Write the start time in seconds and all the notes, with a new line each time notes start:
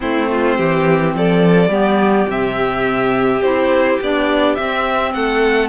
0.00 A3 C4 E4 C5
0.30 F4
0.56 E3 G4
1.15 F3 A4 D5
1.68 G3 B3 G4
2.28 C3 C4 E5
3.41 C4 E4 C5
4.00 B3 D4 D5
4.55 C4 E5
5.13 A3 A4 F#5